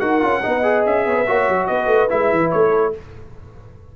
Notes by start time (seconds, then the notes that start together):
0.00 D#4 F#4 A#4 F#5
0.21 C#4 F4
0.43 B3 D#4 D#5
0.63 G#4
0.86 C#4 E5
1.06 B3 C#5
1.17 B4
1.28 A#3 F#4 C#5
1.49 F#3
1.67 B3 B4 D#5
1.87 A3
2.09 G#3 E4 E5
2.32 E3
2.51 A3 C#5
2.69 A4